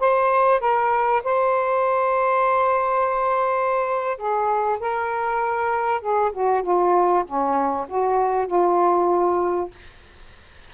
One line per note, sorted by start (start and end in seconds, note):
0.00 0.60 C5
0.60 1.22 A#4
1.24 4.18 C5
4.18 4.79 G#4
4.80 6.01 A#4
6.01 6.32 G#4
6.32 6.62 F#4
6.62 7.24 F4
7.25 7.87 C#4
7.88 8.47 F#4
8.47 9.71 F4